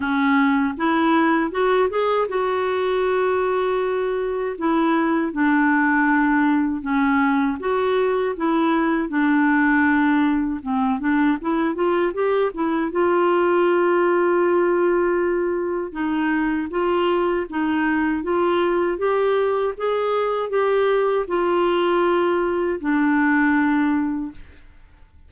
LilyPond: \new Staff \with { instrumentName = "clarinet" } { \time 4/4 \tempo 4 = 79 cis'4 e'4 fis'8 gis'8 fis'4~ | fis'2 e'4 d'4~ | d'4 cis'4 fis'4 e'4 | d'2 c'8 d'8 e'8 f'8 |
g'8 e'8 f'2.~ | f'4 dis'4 f'4 dis'4 | f'4 g'4 gis'4 g'4 | f'2 d'2 | }